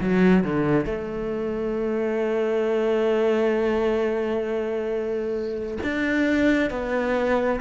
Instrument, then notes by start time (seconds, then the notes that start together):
cello
0.00 F#3
0.44 D3
0.85 A3
5.83 D4
6.70 B3